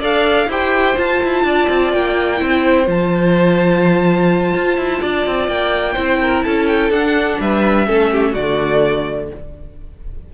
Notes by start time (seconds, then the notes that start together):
0.00 D4 A4 D5 F5
0.47 E4 G4 C5 G5
0.97 F4 A5
1.24 E4
1.44 D4 D5
1.70 C4
1.92 A#3 G5
2.37 C4 E4 C5
2.86 F3 F4 A5
4.55 F4
4.77 E4
5.01 D4 D5
5.27 C4
5.48 A#3 G5
5.93 C4 E4 C5
6.22 A#4
6.43 C#4 A4 A5
6.67 G5
6.90 D4 F#5
7.40 G3 B4 E5
7.87 A3 C#4 A4
8.12 G4
8.32 D3 F#4 D5
8.39 A3